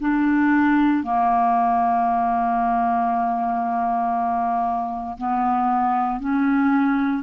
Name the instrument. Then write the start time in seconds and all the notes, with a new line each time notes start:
clarinet
0.00 D4
1.03 A#3
5.18 B3
6.20 C#4